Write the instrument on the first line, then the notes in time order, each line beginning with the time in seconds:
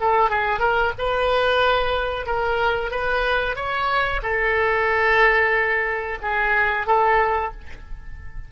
oboe
0.00 A4
0.29 G#4
0.59 A#4
0.98 B4
2.26 A#4
2.91 B4
3.56 C#5
4.22 A4
6.22 G#4
6.87 A4